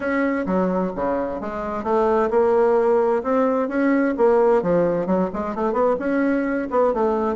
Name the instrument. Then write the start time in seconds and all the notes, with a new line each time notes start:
bassoon
0.00 C#4
0.46 F#3
0.95 C#3
1.40 G#3
1.83 A3
2.30 A#3
3.23 C4
3.68 C#4
4.17 A#3
4.62 F3
5.06 F#3
5.33 G#3
5.55 A3
5.73 B3
5.99 C#4
6.70 B3
6.93 A3